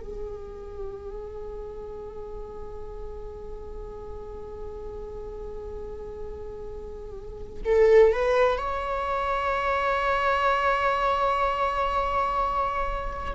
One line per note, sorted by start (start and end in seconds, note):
0.00 7.62 G#4
7.65 8.13 A4
8.13 8.58 B4
8.58 13.34 C#5